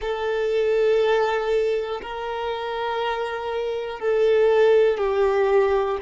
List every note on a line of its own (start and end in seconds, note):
0.01 2.01 A4
2.02 4.00 A#4
4.00 4.97 A4
4.97 5.97 G4